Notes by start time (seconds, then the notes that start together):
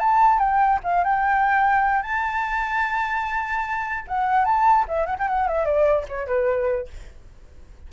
0.00 A5
0.39 G5
0.84 F5
1.04 G5
2.03 A5
4.08 F#5
4.45 A5
4.88 E5
5.06 F#5
5.19 G5
5.28 F#5
5.48 E5
5.66 D5
6.09 C#5
6.27 B4